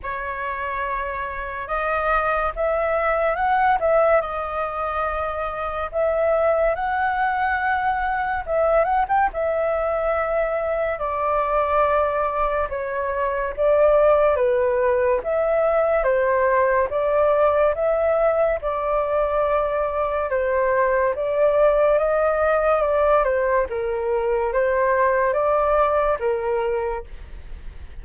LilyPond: \new Staff \with { instrumentName = "flute" } { \time 4/4 \tempo 4 = 71 cis''2 dis''4 e''4 | fis''8 e''8 dis''2 e''4 | fis''2 e''8 fis''16 g''16 e''4~ | e''4 d''2 cis''4 |
d''4 b'4 e''4 c''4 | d''4 e''4 d''2 | c''4 d''4 dis''4 d''8 c''8 | ais'4 c''4 d''4 ais'4 | }